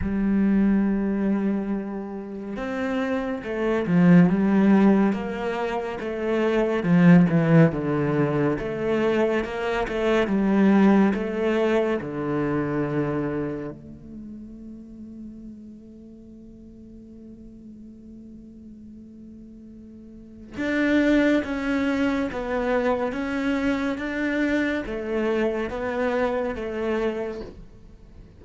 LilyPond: \new Staff \with { instrumentName = "cello" } { \time 4/4 \tempo 4 = 70 g2. c'4 | a8 f8 g4 ais4 a4 | f8 e8 d4 a4 ais8 a8 | g4 a4 d2 |
a1~ | a1 | d'4 cis'4 b4 cis'4 | d'4 a4 b4 a4 | }